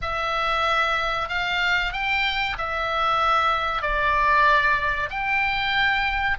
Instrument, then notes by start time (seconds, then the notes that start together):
oboe
0.01 E5
1.29 F5
1.92 G5
2.58 E5
3.82 D5
5.10 G5